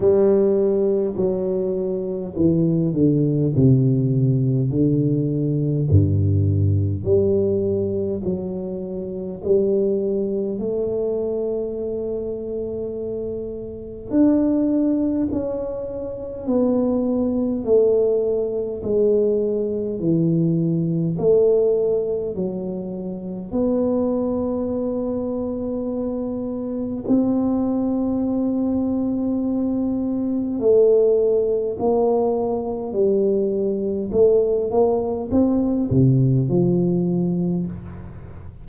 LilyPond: \new Staff \with { instrumentName = "tuba" } { \time 4/4 \tempo 4 = 51 g4 fis4 e8 d8 c4 | d4 g,4 g4 fis4 | g4 a2. | d'4 cis'4 b4 a4 |
gis4 e4 a4 fis4 | b2. c'4~ | c'2 a4 ais4 | g4 a8 ais8 c'8 c8 f4 | }